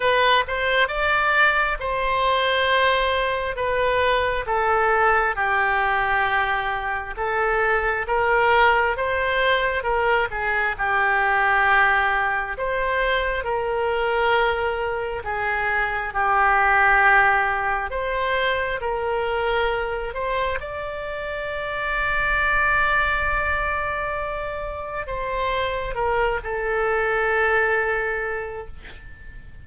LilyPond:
\new Staff \with { instrumentName = "oboe" } { \time 4/4 \tempo 4 = 67 b'8 c''8 d''4 c''2 | b'4 a'4 g'2 | a'4 ais'4 c''4 ais'8 gis'8 | g'2 c''4 ais'4~ |
ais'4 gis'4 g'2 | c''4 ais'4. c''8 d''4~ | d''1 | c''4 ais'8 a'2~ a'8 | }